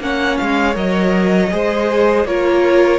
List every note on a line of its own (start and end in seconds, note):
0.00 0.38 A#3
0.00 0.74 C#4
0.00 1.53 C#5
0.00 0.38 F#5
0.38 0.76 G#3
0.38 0.75 F5
0.74 1.51 F#3
0.74 1.49 A#4
0.74 2.26 D#5
1.51 2.25 G#3
1.51 2.26 G#4
1.51 2.27 C5
2.25 2.99 A#3
2.25 2.99 F4
2.25 2.99 A#4
2.25 2.99 C#5